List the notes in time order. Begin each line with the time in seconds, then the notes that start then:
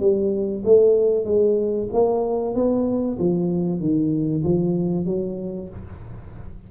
0.00 G3
0.65 A3
1.25 G#3
1.93 A#3
2.55 B3
3.19 F3
3.80 D#3
4.44 F3
5.06 F#3